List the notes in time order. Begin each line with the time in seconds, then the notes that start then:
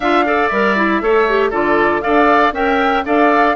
0.00 D4 F4 E5 F5
0.25 A4 D5
0.47 G3 A#4 E5
0.76 E4
1.01 A3 A4 C#5
1.28 G4
1.49 D3 F4 A4 D5
2.01 D4 A4 D5 F5
2.52 C#4 A#4 E5 G5
3.05 D4 A4 D5 F5